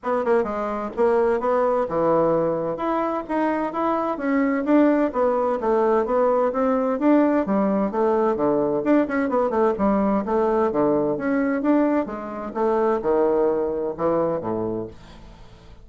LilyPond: \new Staff \with { instrumentName = "bassoon" } { \time 4/4 \tempo 4 = 129 b8 ais8 gis4 ais4 b4 | e2 e'4 dis'4 | e'4 cis'4 d'4 b4 | a4 b4 c'4 d'4 |
g4 a4 d4 d'8 cis'8 | b8 a8 g4 a4 d4 | cis'4 d'4 gis4 a4 | dis2 e4 a,4 | }